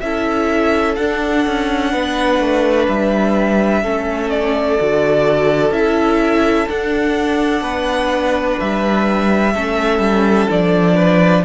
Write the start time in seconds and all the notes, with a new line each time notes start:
0.00 C#4 E4 A4 E5
0.95 D4 F#5
1.47 C#4
1.92 B3 B4
2.40 A3
2.88 G3 E5
3.83 A3 C#4 A4
4.30 D5
4.79 D3 F#4
5.71 C#4 E4 E5
6.67 D4 F#5
7.61 B3 B4
8.60 G3 E5
9.54 A3 C#4 A4
9.99 G3
10.50 F3 D4 D5
10.95 B4